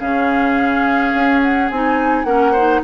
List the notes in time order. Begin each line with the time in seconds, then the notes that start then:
0.00 C#3 C#4 G#4 F5
1.15 C#4
1.42 F#5
1.71 C4 D#4 G#5
2.24 A#3 C#4 A#4 F#5
2.52 D#4 C5